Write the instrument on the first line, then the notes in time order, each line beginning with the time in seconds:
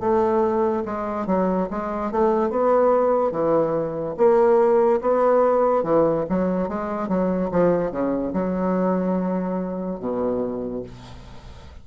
bassoon
0.00 A3
0.85 G#3
1.27 F#3
1.70 G#3
2.12 A3
2.50 B3
3.32 E3
4.17 A#3
5.01 B3
5.83 E3
6.29 F#3
6.69 G#3
7.09 F#3
7.51 F3
7.91 C#3
8.33 F#3
10.00 B2